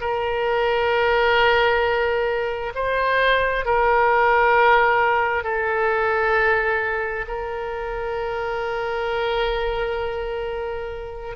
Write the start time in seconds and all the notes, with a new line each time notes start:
0.00 A#4
2.74 C5
3.65 A#4
5.43 A4
7.27 A#4